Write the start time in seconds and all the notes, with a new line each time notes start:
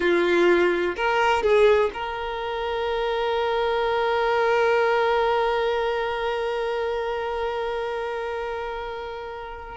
0.00 F4
0.96 A#4
1.42 G#4
1.93 A#4